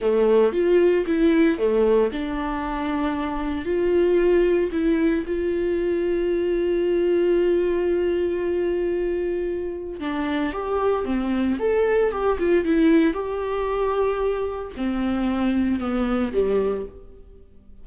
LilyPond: \new Staff \with { instrumentName = "viola" } { \time 4/4 \tempo 4 = 114 a4 f'4 e'4 a4 | d'2. f'4~ | f'4 e'4 f'2~ | f'1~ |
f'2. d'4 | g'4 c'4 a'4 g'8 f'8 | e'4 g'2. | c'2 b4 g4 | }